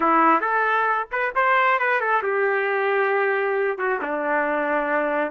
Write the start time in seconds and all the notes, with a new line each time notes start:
0.00 E4
0.40 A4
1.11 B4
1.35 C5
1.79 B4
2.00 A4
2.22 G4
3.77 F#4
4.01 D4